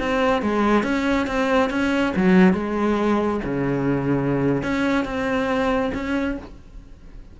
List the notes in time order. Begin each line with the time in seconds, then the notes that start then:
0.00 C4
0.42 G#3
0.84 C#4
1.27 C4
1.70 C#4
2.17 F#3
2.54 G#3
3.45 C#3
4.63 C#4
5.05 C4
5.95 C#4